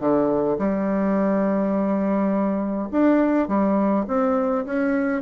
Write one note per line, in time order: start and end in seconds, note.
0.00 0.58 D3
0.58 2.89 G3
2.92 3.48 D4
3.48 4.06 G3
4.08 4.65 C4
4.66 5.22 C#4